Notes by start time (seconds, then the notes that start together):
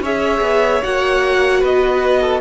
0.00 C#4 G#4 C#5 E5
0.41 B3
0.82 A#3 F#4 F#5
1.60 B3 B4 D#5
2.21 A4